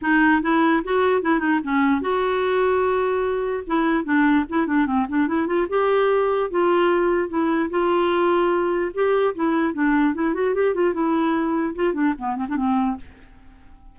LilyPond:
\new Staff \with { instrumentName = "clarinet" } { \time 4/4 \tempo 4 = 148 dis'4 e'4 fis'4 e'8 dis'8 | cis'4 fis'2.~ | fis'4 e'4 d'4 e'8 d'8 | c'8 d'8 e'8 f'8 g'2 |
f'2 e'4 f'4~ | f'2 g'4 e'4 | d'4 e'8 fis'8 g'8 f'8 e'4~ | e'4 f'8 d'8 b8 c'16 d'16 c'4 | }